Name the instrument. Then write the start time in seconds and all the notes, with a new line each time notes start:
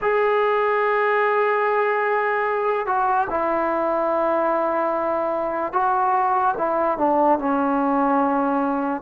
trombone
0.01 G#4
2.86 F#4
3.30 E4
5.72 F#4
6.57 E4
6.98 D4
7.39 C#4